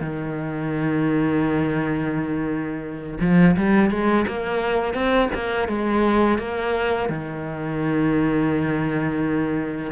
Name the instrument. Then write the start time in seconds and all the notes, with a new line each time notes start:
cello
0.00 D#3
3.21 F3
3.56 G3
3.90 G#3
4.27 A#3
4.94 C4
5.34 A#3
5.68 G#3
6.38 A#3
7.09 D#3